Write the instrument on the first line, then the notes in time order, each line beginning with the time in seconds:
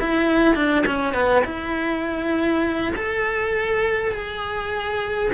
cello
0.00 E4
0.55 D4
0.86 C#4
1.14 B3
1.44 E4
2.96 A4
4.12 G#4